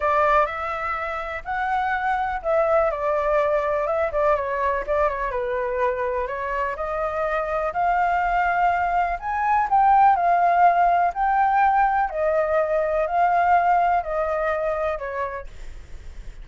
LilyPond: \new Staff \with { instrumentName = "flute" } { \time 4/4 \tempo 4 = 124 d''4 e''2 fis''4~ | fis''4 e''4 d''2 | e''8 d''8 cis''4 d''8 cis''8 b'4~ | b'4 cis''4 dis''2 |
f''2. gis''4 | g''4 f''2 g''4~ | g''4 dis''2 f''4~ | f''4 dis''2 cis''4 | }